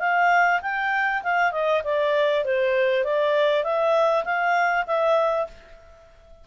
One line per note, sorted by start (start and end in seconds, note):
0.00 0.61 F5
0.62 1.23 G5
1.23 1.52 F5
1.52 1.82 D#5
1.84 2.45 D5
2.45 3.04 C5
3.04 3.64 D5
3.64 4.24 E5
4.25 4.85 F5
4.87 5.47 E5